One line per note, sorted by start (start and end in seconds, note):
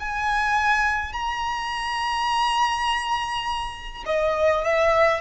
0.00 1.13 G#5
1.13 4.04 A#5
4.06 4.64 D#5
4.65 5.21 E5